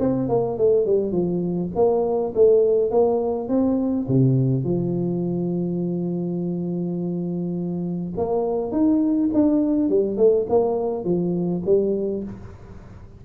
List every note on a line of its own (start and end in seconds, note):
0.00 0.29 C4
0.29 0.58 A#3
0.58 0.86 A3
0.86 1.12 G3
1.12 1.70 F3
1.76 2.34 A#3
2.35 2.91 A3
2.91 3.49 A#3
3.49 4.07 C4
4.08 4.64 C3
4.64 8.14 F3
8.17 8.72 A#3
8.72 9.30 D#4
9.34 9.89 D4
9.89 10.18 G3
10.18 10.47 A3
10.50 11.05 A#3
11.05 11.63 F3
11.66 12.24 G3